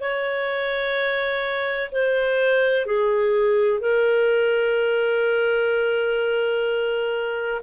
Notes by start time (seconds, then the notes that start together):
0.00 C#5
1.91 C5
2.86 G#4
3.81 A#4